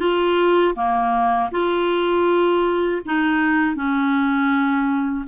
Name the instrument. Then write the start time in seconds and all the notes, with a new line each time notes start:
clarinet
0.00 F4
0.76 A#3
1.52 F4
3.06 D#4
3.76 C#4